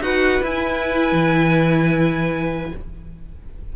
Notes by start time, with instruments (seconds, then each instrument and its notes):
0.00 cello D#4, viola F#4, violin B4 F#5
0.42 cello E4, viola E4, violin G#5
1.11 cello E3